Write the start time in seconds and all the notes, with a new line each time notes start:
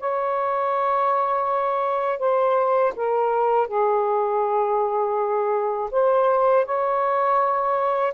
0.00 C#5
2.20 C5
2.96 A#4
3.68 G#4
5.92 C5
6.66 C#5